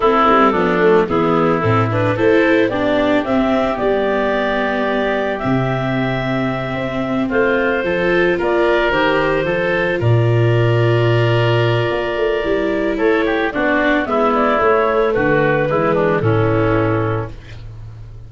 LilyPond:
<<
  \new Staff \with { instrumentName = "clarinet" } { \time 4/4 \tempo 4 = 111 a'2 gis'4 a'8 b'8 | c''4 d''4 e''4 d''4~ | d''2 e''2~ | e''4. c''2 d''8~ |
d''8 c''2 d''4.~ | d''1 | cis''4 d''4 e''8 d''8 cis''4 | b'2 a'2 | }
  \new Staff \with { instrumentName = "oboe" } { \time 4/4 e'4 d'4 e'2 | a'4 g'2.~ | g'1~ | g'4. f'4 a'4 ais'8~ |
ais'4. a'4 ais'4.~ | ais'1 | a'8 g'8 fis'4 e'2 | fis'4 e'8 d'8 cis'2 | }
  \new Staff \with { instrumentName = "viola" } { \time 4/4 c'4 b8 a8 b4 c'8 d'8 | e'4 d'4 c'4 b4~ | b2 c'2~ | c'2~ c'8 f'4.~ |
f'8 g'4 f'2~ f'8~ | f'2. e'4~ | e'4 d'4 b4 a4~ | a4 gis4 e2 | }
  \new Staff \with { instrumentName = "tuba" } { \time 4/4 a8 g8 f4 e4 a,4 | a4 b4 c'4 g4~ | g2 c2~ | c8 c'4 a4 f4 ais8~ |
ais8 dis4 f4 ais,4.~ | ais,2 ais8 a8 g4 | a4 b4 gis4 a4 | d4 e4 a,2 | }
>>